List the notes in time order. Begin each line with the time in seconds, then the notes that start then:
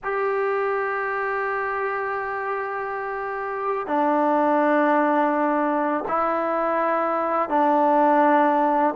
0.03 G4
3.86 D4
6.07 E4
7.49 D4